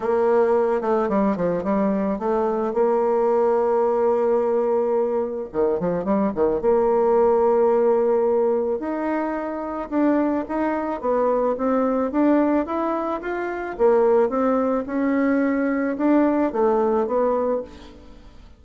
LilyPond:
\new Staff \with { instrumentName = "bassoon" } { \time 4/4 \tempo 4 = 109 ais4. a8 g8 f8 g4 | a4 ais2.~ | ais2 dis8 f8 g8 dis8 | ais1 |
dis'2 d'4 dis'4 | b4 c'4 d'4 e'4 | f'4 ais4 c'4 cis'4~ | cis'4 d'4 a4 b4 | }